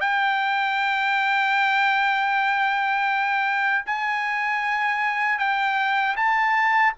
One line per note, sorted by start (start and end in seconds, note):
0.00 3.85 G5
3.86 5.38 G#5
5.38 6.15 G5
6.16 6.93 A5